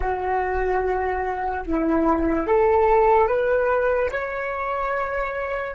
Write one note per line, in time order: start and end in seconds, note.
0.00 1.63 F#4
1.66 2.47 E4
2.47 3.27 A4
3.27 4.09 B4
4.11 5.75 C#5